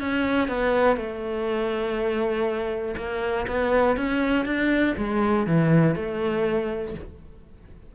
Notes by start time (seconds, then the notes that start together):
0.00 C#4
0.48 B3
0.96 A3
2.96 A#3
3.47 B3
3.96 C#4
4.45 D4
4.97 G#3
5.46 E3
5.95 A3